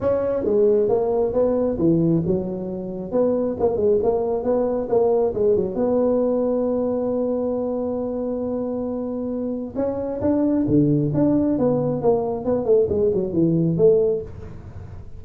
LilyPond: \new Staff \with { instrumentName = "tuba" } { \time 4/4 \tempo 4 = 135 cis'4 gis4 ais4 b4 | e4 fis2 b4 | ais8 gis8 ais4 b4 ais4 | gis8 fis8 b2.~ |
b1~ | b2 cis'4 d'4 | d4 d'4 b4 ais4 | b8 a8 gis8 fis8 e4 a4 | }